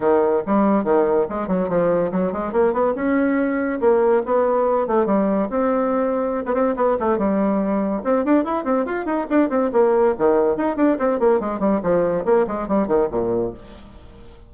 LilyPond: \new Staff \with { instrumentName = "bassoon" } { \time 4/4 \tempo 4 = 142 dis4 g4 dis4 gis8 fis8 | f4 fis8 gis8 ais8 b8 cis'4~ | cis'4 ais4 b4. a8 | g4 c'2~ c'16 b16 c'8 |
b8 a8 g2 c'8 d'8 | e'8 c'8 f'8 dis'8 d'8 c'8 ais4 | dis4 dis'8 d'8 c'8 ais8 gis8 g8 | f4 ais8 gis8 g8 dis8 ais,4 | }